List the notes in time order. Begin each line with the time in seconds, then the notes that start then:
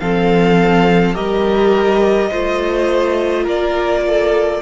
0.00 F3 C4 A4 F5
1.14 G3 G4 A#4 D#5
2.31 A3 F4 C5
3.43 A#3 A#4 D5
4.07 A4